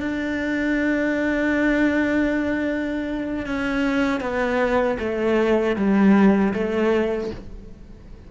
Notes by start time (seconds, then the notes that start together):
0.00 D4
3.46 C#4
4.21 B3
4.99 A3
5.76 G3
6.53 A3